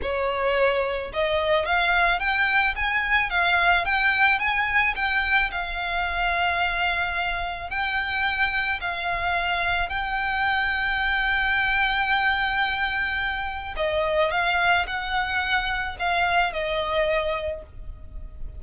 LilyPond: \new Staff \with { instrumentName = "violin" } { \time 4/4 \tempo 4 = 109 cis''2 dis''4 f''4 | g''4 gis''4 f''4 g''4 | gis''4 g''4 f''2~ | f''2 g''2 |
f''2 g''2~ | g''1~ | g''4 dis''4 f''4 fis''4~ | fis''4 f''4 dis''2 | }